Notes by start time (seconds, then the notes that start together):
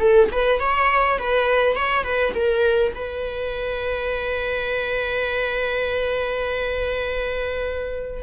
0.00 A4
0.32 B4
0.60 C#5
1.19 B4
1.76 C#5
2.04 B4
2.35 A#4
2.95 B4